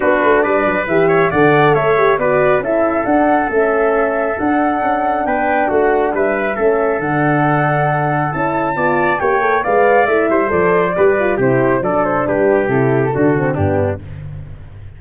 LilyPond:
<<
  \new Staff \with { instrumentName = "flute" } { \time 4/4 \tempo 4 = 137 b'4 d''4 e''4 fis''4 | e''4 d''4 e''4 fis''4 | e''2 fis''2 | g''4 fis''4 e''2 |
fis''2. a''4~ | a''4 g''4 f''4 e''4 | d''2 c''4 d''8 c''8 | b'4 a'2 g'4 | }
  \new Staff \with { instrumentName = "trumpet" } { \time 4/4 fis'4 b'4. cis''8 d''4 | cis''4 b'4 a'2~ | a'1 | b'4 fis'4 b'4 a'4~ |
a'1 | d''4 cis''4 d''4. c''8~ | c''4 b'4 g'4 a'4 | g'2 fis'4 d'4 | }
  \new Staff \with { instrumentName = "horn" } { \time 4/4 d'2 g'4 a'4~ | a'8 g'8 fis'4 e'4 d'4 | cis'2 d'2~ | d'2. cis'4 |
d'2. e'4 | f'4 g'8 a'8 b'4 e'4 | a'4 g'8 f'8 e'4 d'4~ | d'4 e'4 d'8 c'8 b4 | }
  \new Staff \with { instrumentName = "tuba" } { \time 4/4 b8 a8 g8 fis8 e4 d4 | a4 b4 cis'4 d'4 | a2 d'4 cis'4 | b4 a4 g4 a4 |
d2. cis'4 | b4 ais4 gis4 a8 g8 | f4 g4 c4 fis4 | g4 c4 d4 g,4 | }
>>